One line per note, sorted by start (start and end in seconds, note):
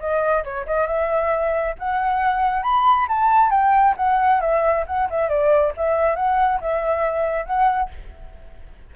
0.00 0.44 D#5
0.44 0.66 C#5
0.67 0.87 D#5
0.87 1.75 E5
1.79 2.63 F#5
2.63 3.07 B5
3.09 3.51 A5
3.51 3.95 G5
3.97 4.41 F#5
4.41 4.85 E5
4.87 5.09 F#5
5.10 5.29 E5
5.29 5.73 D5
5.77 6.16 E5
6.16 6.60 F#5
6.61 7.46 E5
7.46 7.90 F#5